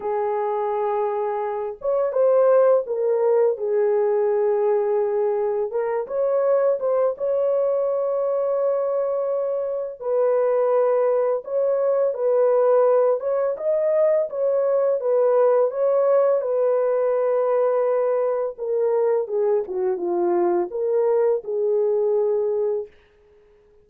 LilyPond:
\new Staff \with { instrumentName = "horn" } { \time 4/4 \tempo 4 = 84 gis'2~ gis'8 cis''8 c''4 | ais'4 gis'2. | ais'8 cis''4 c''8 cis''2~ | cis''2 b'2 |
cis''4 b'4. cis''8 dis''4 | cis''4 b'4 cis''4 b'4~ | b'2 ais'4 gis'8 fis'8 | f'4 ais'4 gis'2 | }